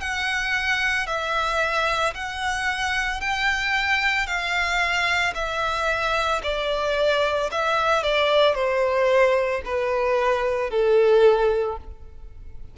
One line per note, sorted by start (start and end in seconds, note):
0.00 1.07 F#5
1.07 2.14 E5
2.14 3.21 F#5
3.21 4.27 G5
4.27 5.34 F5
5.35 6.42 E5
6.43 7.50 D5
7.51 8.03 E5
8.03 8.55 D5
8.55 9.62 C5
9.65 10.70 B4
10.70 11.78 A4